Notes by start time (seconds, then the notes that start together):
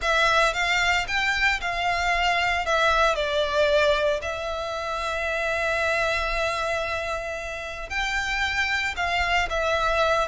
0.01 E5
0.53 F5
1.07 G5
1.61 F5
2.65 E5
3.15 D5
4.22 E5
7.89 G5
8.96 F5
9.49 E5